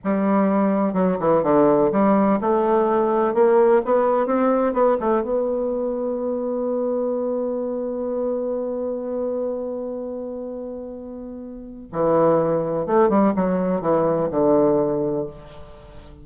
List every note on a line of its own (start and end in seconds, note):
0.03 0.93 G3
0.93 1.17 F#3
1.19 1.43 E3
1.43 1.90 D3
1.92 2.39 G3
2.40 3.34 A3
3.34 3.81 A#3
3.85 4.26 B3
4.26 4.73 C4
4.73 4.97 B3
4.99 5.22 A3
5.22 11.88 B3
11.92 12.86 E3
12.86 13.09 A3
13.09 13.33 G3
13.35 13.81 F#3
13.81 14.29 E3
14.30 15.26 D3